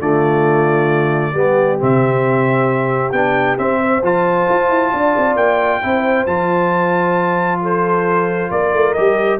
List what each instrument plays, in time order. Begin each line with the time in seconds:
0.00 tuba D3, trombone A3, horn F4, trumpet D5
1.34 tuba G3, trombone B3, horn G4
1.79 tuba C3, trombone C4, trumpet E5
3.12 tuba B3, trombone D4, trumpet G5
3.57 trombone C4, tuba C4, trumpet E5
3.81 horn C5
4.03 tuba F3, trombone F4, trumpet A5
4.49 tuba F4
4.69 tuba E4
4.93 tuba D4, horn D5
5.17 tuba C4
5.35 tuba A#3, trumpet G5
5.82 tuba C4, trombone E4, horn C5
6.26 tuba F3, trombone F4, trumpet A5
7.62 horn A4, trumpet C5
8.51 tuba A#3, horn A#4, trumpet D5
8.73 tuba A3
8.93 tuba G3, trombone G4, trumpet D#5